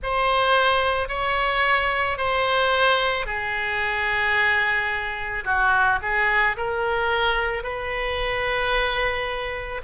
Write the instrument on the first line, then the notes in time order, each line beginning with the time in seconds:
oboe
0.02 C5
1.08 C#5
2.17 C5
3.25 G#4
5.44 F#4
6.01 G#4
6.57 A#4
7.63 B4